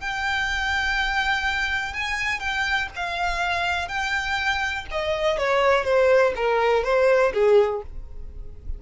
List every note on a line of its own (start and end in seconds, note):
0.00 1.93 G5
1.93 2.40 G#5
2.40 2.88 G5
2.95 3.88 F5
3.88 4.85 G5
4.91 5.37 D#5
5.37 5.84 C#5
5.84 6.33 C5
6.35 6.84 A#4
6.84 7.32 C5
7.33 7.82 G#4